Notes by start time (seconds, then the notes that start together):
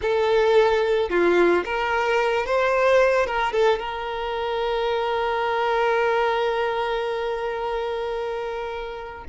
0.01 A4
1.09 F4
1.65 A#4
2.45 C5
3.26 A#4
3.52 A4
3.79 A#4